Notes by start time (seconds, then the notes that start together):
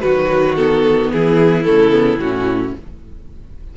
0.00 D#3 F#3 F#4 B4
0.55 B3 A4
1.12 E3 E4 G#4
1.64 C#3 A3 A4
1.91 B3
2.17 A2 C#4 F#4